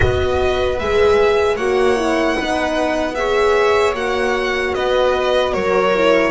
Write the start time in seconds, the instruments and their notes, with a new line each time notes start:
0.00 double bass B3, horn F#4, viola B4, violin D#5
0.78 double bass G#3, horn G#4, violin E5
1.56 double bass A#3, horn F#4, viola C#5, violin F#5
1.96 horn E4
2.35 double bass B3, horn D#4, viola B4
3.14 horn G#4, viola C#5, violin E5
3.94 double bass A#3, horn F#4, violin F#5
4.74 double bass B3, viola B4, violin D#5
5.52 double bass F#3, viola A#4, violin C#5
5.94 horn E4